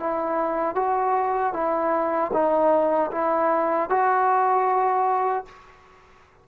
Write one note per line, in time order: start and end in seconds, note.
0.00 0.75 E4
0.75 1.53 F#4
1.53 2.31 E4
2.33 3.11 D#4
3.12 3.90 E4
3.90 5.45 F#4